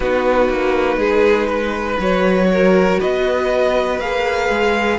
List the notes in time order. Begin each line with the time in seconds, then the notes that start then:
0.00 B3 D#4 F#4 B4
0.49 A#3
0.96 G#3 G#4
1.47 B4
1.98 F#3 F#4 C#5
2.51 A#4
2.99 B3 B4 D#5
4.00 A#3 G#4 F5
4.49 G#3